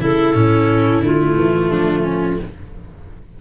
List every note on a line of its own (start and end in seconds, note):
0.00 0.34 C#3
0.00 0.34 E4
0.00 1.70 E4
0.00 1.04 A4
0.34 1.00 A2
0.34 1.02 C#4
1.00 1.34 D3
1.00 2.39 A3
1.00 2.41 F4
1.35 1.69 E3
1.70 2.38 F3
1.70 2.03 D4
2.03 2.37 C#4